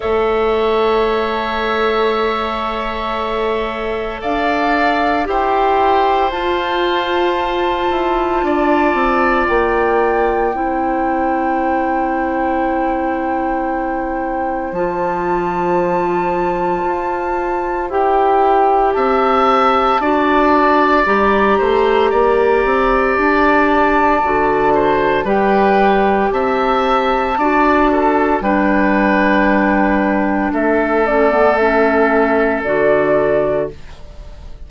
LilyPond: <<
  \new Staff \with { instrumentName = "flute" } { \time 4/4 \tempo 4 = 57 e''1 | f''4 g''4 a''2~ | a''4 g''2.~ | g''2 a''2~ |
a''4 g''4 a''2 | ais''2 a''2 | g''4 a''2 g''4~ | g''4 e''8 d''8 e''4 d''4 | }
  \new Staff \with { instrumentName = "oboe" } { \time 4/4 cis''1 | d''4 c''2. | d''2 c''2~ | c''1~ |
c''2 e''4 d''4~ | d''8 c''8 d''2~ d''8 c''8 | b'4 e''4 d''8 a'8 b'4~ | b'4 a'2. | }
  \new Staff \with { instrumentName = "clarinet" } { \time 4/4 a'1~ | a'4 g'4 f'2~ | f'2 e'2~ | e'2 f'2~ |
f'4 g'2 fis'4 | g'2. fis'4 | g'2 fis'4 d'4~ | d'4. cis'16 b16 cis'4 fis'4 | }
  \new Staff \with { instrumentName = "bassoon" } { \time 4/4 a1 | d'4 e'4 f'4. e'8 | d'8 c'8 ais4 c'2~ | c'2 f2 |
f'4 e'4 c'4 d'4 | g8 a8 ais8 c'8 d'4 d4 | g4 c'4 d'4 g4~ | g4 a2 d4 | }
>>